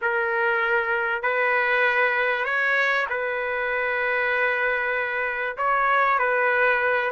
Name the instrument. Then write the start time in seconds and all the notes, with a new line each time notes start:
trumpet
0.01 A#4
1.22 B4
2.44 C#5
3.09 B4
5.57 C#5
6.18 B4